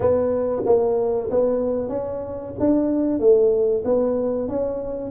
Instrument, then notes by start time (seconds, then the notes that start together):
tuba
0.00 B3
0.65 A#3
1.30 B3
1.88 C#4
2.59 D4
3.19 A3
3.84 B3
4.48 C#4